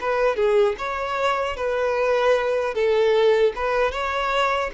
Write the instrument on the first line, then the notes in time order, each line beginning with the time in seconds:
violin
0.00 B4
0.36 G#4
0.78 C#5
1.56 B4
2.74 A4
3.56 B4
3.91 C#5